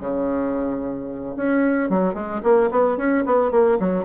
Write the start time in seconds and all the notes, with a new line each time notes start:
0.00 C#3
1.36 C#4
1.90 F#3
2.14 G#3
2.43 A#3
2.71 B3
2.97 C#4
3.26 B3
3.51 A#3
3.80 F#3